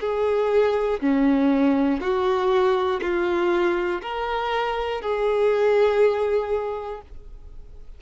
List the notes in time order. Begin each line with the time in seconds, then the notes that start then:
0.00 G#4
1.01 C#4
2.00 F#4
3.01 F4
4.02 A#4
5.01 G#4